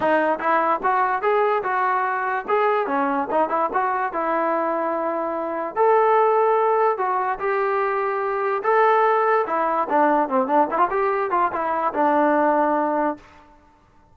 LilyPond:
\new Staff \with { instrumentName = "trombone" } { \time 4/4 \tempo 4 = 146 dis'4 e'4 fis'4 gis'4 | fis'2 gis'4 cis'4 | dis'8 e'8 fis'4 e'2~ | e'2 a'2~ |
a'4 fis'4 g'2~ | g'4 a'2 e'4 | d'4 c'8 d'8 e'16 f'16 g'4 f'8 | e'4 d'2. | }